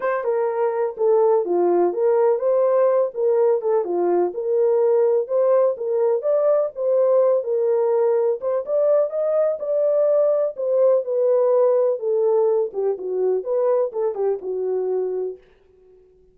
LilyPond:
\new Staff \with { instrumentName = "horn" } { \time 4/4 \tempo 4 = 125 c''8 ais'4. a'4 f'4 | ais'4 c''4. ais'4 a'8 | f'4 ais'2 c''4 | ais'4 d''4 c''4. ais'8~ |
ais'4. c''8 d''4 dis''4 | d''2 c''4 b'4~ | b'4 a'4. g'8 fis'4 | b'4 a'8 g'8 fis'2 | }